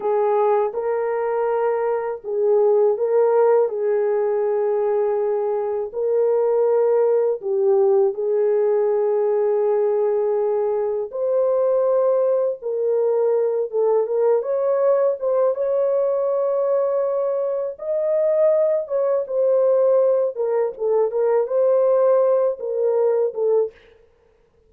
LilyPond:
\new Staff \with { instrumentName = "horn" } { \time 4/4 \tempo 4 = 81 gis'4 ais'2 gis'4 | ais'4 gis'2. | ais'2 g'4 gis'4~ | gis'2. c''4~ |
c''4 ais'4. a'8 ais'8 cis''8~ | cis''8 c''8 cis''2. | dis''4. cis''8 c''4. ais'8 | a'8 ais'8 c''4. ais'4 a'8 | }